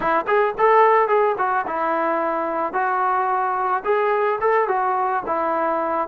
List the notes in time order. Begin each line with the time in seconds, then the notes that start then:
0.00 E4
0.27 G#4
0.58 A4
1.08 G#4
1.38 F#4
1.67 E4
2.73 F#4
3.84 G#4
4.40 A4
4.68 F#4
5.26 E4